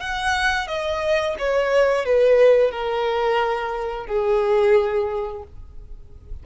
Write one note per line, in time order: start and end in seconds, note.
0.00 0.68 F#5
0.68 1.36 D#5
1.39 2.05 C#5
2.05 2.71 B4
2.71 4.07 A#4
4.07 5.43 G#4